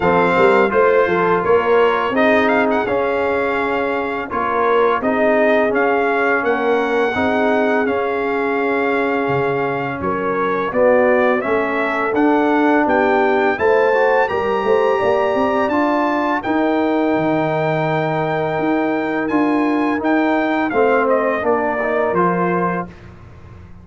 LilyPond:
<<
  \new Staff \with { instrumentName = "trumpet" } { \time 4/4 \tempo 4 = 84 f''4 c''4 cis''4 dis''8 f''16 fis''16 | f''2 cis''4 dis''4 | f''4 fis''2 f''4~ | f''2 cis''4 d''4 |
e''4 fis''4 g''4 a''4 | ais''2 a''4 g''4~ | g''2. gis''4 | g''4 f''8 dis''8 d''4 c''4 | }
  \new Staff \with { instrumentName = "horn" } { \time 4/4 a'8 ais'8 c''8 a'8 ais'4 gis'4~ | gis'2 ais'4 gis'4~ | gis'4 ais'4 gis'2~ | gis'2 ais'4 fis'4 |
a'2 g'4 c''4 | ais'8 c''8 d''2 ais'4~ | ais'1~ | ais'4 c''4 ais'2 | }
  \new Staff \with { instrumentName = "trombone" } { \time 4/4 c'4 f'2 dis'4 | cis'2 f'4 dis'4 | cis'2 dis'4 cis'4~ | cis'2. b4 |
cis'4 d'2 e'8 fis'8 | g'2 f'4 dis'4~ | dis'2. f'4 | dis'4 c'4 d'8 dis'8 f'4 | }
  \new Staff \with { instrumentName = "tuba" } { \time 4/4 f8 g8 a8 f8 ais4 c'4 | cis'2 ais4 c'4 | cis'4 ais4 c'4 cis'4~ | cis'4 cis4 fis4 b4 |
a4 d'4 b4 a4 | g8 a8 ais8 c'8 d'4 dis'4 | dis2 dis'4 d'4 | dis'4 a4 ais4 f4 | }
>>